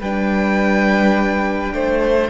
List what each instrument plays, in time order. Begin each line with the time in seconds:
0.00 cello G3, viola D4, violin B4 G5
1.73 cello A3, violin C5